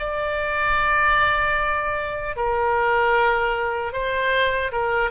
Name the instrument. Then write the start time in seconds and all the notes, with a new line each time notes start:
oboe
0.00 D5
2.37 A#4
3.93 C5
4.72 A#4